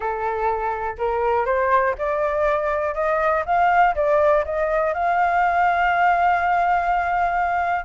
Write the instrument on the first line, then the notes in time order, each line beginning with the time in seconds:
flute
0.00 A4
0.98 A#4
1.45 C5
1.98 D5
2.94 D#5
3.45 F5
3.95 D5
4.44 D#5
4.93 F5